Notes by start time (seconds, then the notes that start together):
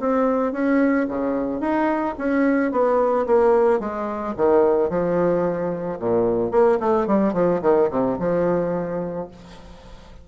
0.00 C4
0.53 C#4
1.08 C#3
1.61 D#4
2.18 C#4
2.72 B3
3.27 A#3
3.80 G#3
4.37 D#3
4.90 F3
6.00 A#2
6.52 A#3
6.80 A3
7.07 G3
7.34 F3
7.62 D#3
7.91 C3
8.19 F3